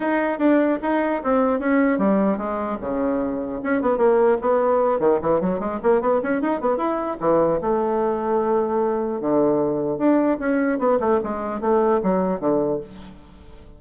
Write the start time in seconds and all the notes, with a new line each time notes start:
0.00 D#4
0.39 D4
0.82 D#4
1.23 C4
1.59 C#4
1.98 G3
2.37 G#3
2.80 C#3
3.63 C#4
3.81 B3
3.97 A#3
4.41 B3
4.99 D#3
5.21 E3
5.40 F#3
5.59 G#3
5.83 A#3
6.01 B3
6.22 C#4
6.41 D#4
6.61 B3
6.77 E4
7.19 E3
7.61 A3
9.20 D3
9.98 D4
10.39 C#4
10.78 B3
10.99 A3
11.23 G#3
11.61 A3
12.02 F#3
12.40 D3